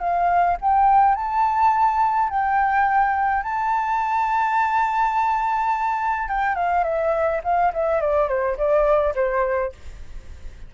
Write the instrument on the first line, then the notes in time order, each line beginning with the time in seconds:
flute
0.00 F5
0.62 G5
1.16 A5
2.30 G5
3.44 A5
6.29 G5
6.56 F5
6.84 E5
7.44 F5
7.74 E5
8.01 D5
8.29 C5
8.58 D5
9.15 C5